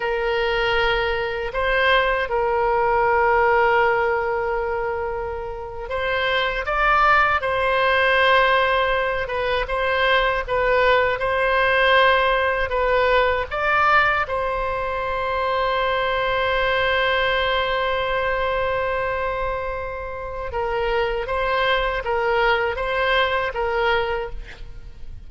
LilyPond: \new Staff \with { instrumentName = "oboe" } { \time 4/4 \tempo 4 = 79 ais'2 c''4 ais'4~ | ais'2.~ ais'8. c''16~ | c''8. d''4 c''2~ c''16~ | c''16 b'8 c''4 b'4 c''4~ c''16~ |
c''8. b'4 d''4 c''4~ c''16~ | c''1~ | c''2. ais'4 | c''4 ais'4 c''4 ais'4 | }